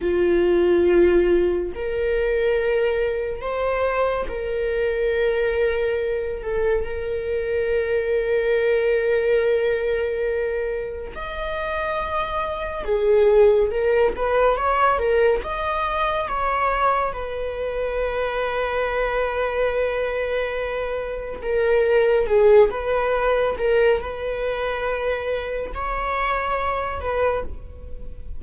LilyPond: \new Staff \with { instrumentName = "viola" } { \time 4/4 \tempo 4 = 70 f'2 ais'2 | c''4 ais'2~ ais'8 a'8 | ais'1~ | ais'4 dis''2 gis'4 |
ais'8 b'8 cis''8 ais'8 dis''4 cis''4 | b'1~ | b'4 ais'4 gis'8 b'4 ais'8 | b'2 cis''4. b'8 | }